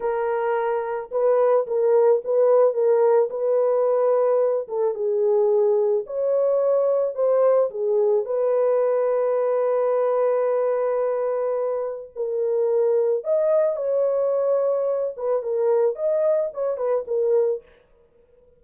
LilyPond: \new Staff \with { instrumentName = "horn" } { \time 4/4 \tempo 4 = 109 ais'2 b'4 ais'4 | b'4 ais'4 b'2~ | b'8 a'8 gis'2 cis''4~ | cis''4 c''4 gis'4 b'4~ |
b'1~ | b'2 ais'2 | dis''4 cis''2~ cis''8 b'8 | ais'4 dis''4 cis''8 b'8 ais'4 | }